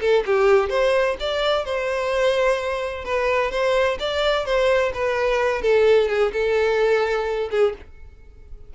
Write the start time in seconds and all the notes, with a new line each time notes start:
0.00 A4
0.25 G4
0.69 C5
1.19 D5
1.65 C5
3.04 B4
3.50 C5
3.99 D5
4.45 C5
4.93 B4
5.61 A4
6.08 G#4
6.32 A4
7.50 G#4